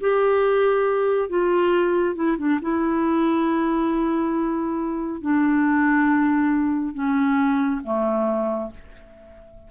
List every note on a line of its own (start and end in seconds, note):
0.00 1.29 G4
1.29 2.15 F4
2.15 2.37 E4
2.38 2.60 D4
2.61 5.21 E4
5.21 6.94 D4
6.94 7.81 C#4
7.83 8.70 A3